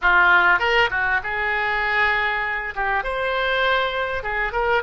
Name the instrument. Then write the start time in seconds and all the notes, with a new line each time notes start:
oboe
0.01 F4
0.59 A#4
0.90 F#4
1.23 G#4
2.75 G4
3.03 C5
4.23 G#4
4.52 A#4